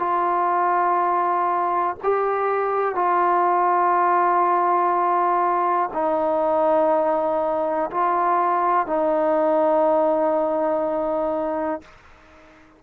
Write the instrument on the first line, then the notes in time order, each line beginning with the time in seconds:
trombone
0.00 F4
2.03 G4
2.96 F4
5.94 D#4
7.91 F4
8.87 D#4